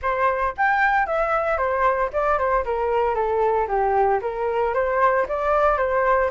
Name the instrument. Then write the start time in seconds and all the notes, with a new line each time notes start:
flute
0.01 C5
0.57 G5
1.06 E5
1.57 C5
2.12 D5
2.38 C5
2.65 A#4
3.14 A4
3.67 G4
4.21 A#4
4.73 C5
5.28 D5
5.77 C5